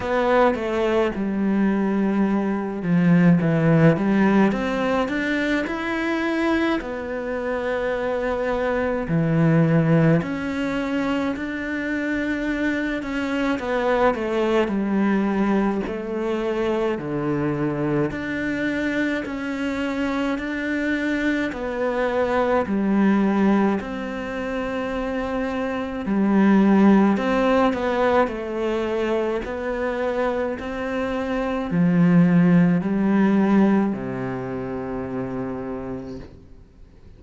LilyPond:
\new Staff \with { instrumentName = "cello" } { \time 4/4 \tempo 4 = 53 b8 a8 g4. f8 e8 g8 | c'8 d'8 e'4 b2 | e4 cis'4 d'4. cis'8 | b8 a8 g4 a4 d4 |
d'4 cis'4 d'4 b4 | g4 c'2 g4 | c'8 b8 a4 b4 c'4 | f4 g4 c2 | }